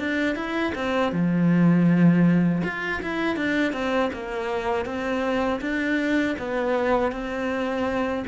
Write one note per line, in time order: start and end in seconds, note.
0.00 0.36 D4
0.36 0.73 E4
0.75 1.13 C4
1.13 2.63 F3
2.64 3.02 F4
3.03 3.36 E4
3.36 3.73 D4
3.73 4.11 C4
4.14 4.86 A#3
4.86 5.61 C4
5.61 6.36 D4
6.39 7.12 B3
7.12 8.25 C4